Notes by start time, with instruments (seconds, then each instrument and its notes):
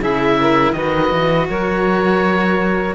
0.00 cello C#3 E4, saxophone G#4, oboe E5
0.41 saxophone A#4
0.73 cello D#3 F#4, saxophone B4, oboe D#5
1.11 cello E3
1.49 cello F#3, saxophone A#4, oboe C#5